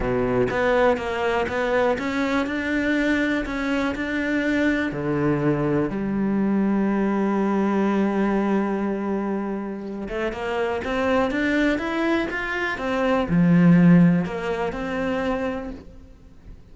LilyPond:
\new Staff \with { instrumentName = "cello" } { \time 4/4 \tempo 4 = 122 b,4 b4 ais4 b4 | cis'4 d'2 cis'4 | d'2 d2 | g1~ |
g1~ | g8 a8 ais4 c'4 d'4 | e'4 f'4 c'4 f4~ | f4 ais4 c'2 | }